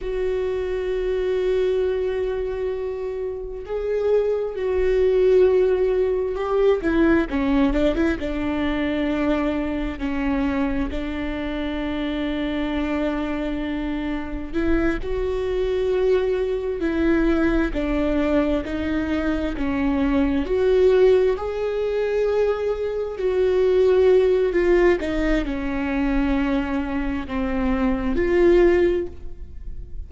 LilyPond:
\new Staff \with { instrumentName = "viola" } { \time 4/4 \tempo 4 = 66 fis'1 | gis'4 fis'2 g'8 e'8 | cis'8 d'16 e'16 d'2 cis'4 | d'1 |
e'8 fis'2 e'4 d'8~ | d'8 dis'4 cis'4 fis'4 gis'8~ | gis'4. fis'4. f'8 dis'8 | cis'2 c'4 f'4 | }